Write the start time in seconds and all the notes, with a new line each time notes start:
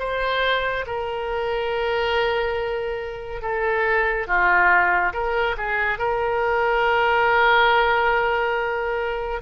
0.00 C5
0.87 A#4
3.42 A4
4.27 F4
5.14 A#4
5.58 G#4
5.99 A#4